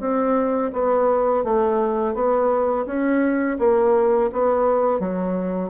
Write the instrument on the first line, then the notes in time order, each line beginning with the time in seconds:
bassoon
0.00 C4
0.73 B3
1.44 A3
2.14 B3
2.86 C#4
3.59 A#3
4.32 B3
5.00 F#3